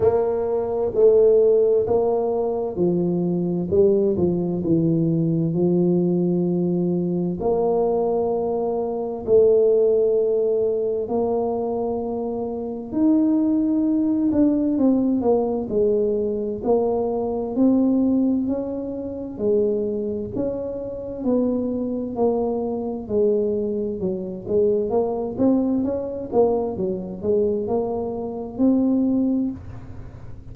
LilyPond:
\new Staff \with { instrumentName = "tuba" } { \time 4/4 \tempo 4 = 65 ais4 a4 ais4 f4 | g8 f8 e4 f2 | ais2 a2 | ais2 dis'4. d'8 |
c'8 ais8 gis4 ais4 c'4 | cis'4 gis4 cis'4 b4 | ais4 gis4 fis8 gis8 ais8 c'8 | cis'8 ais8 fis8 gis8 ais4 c'4 | }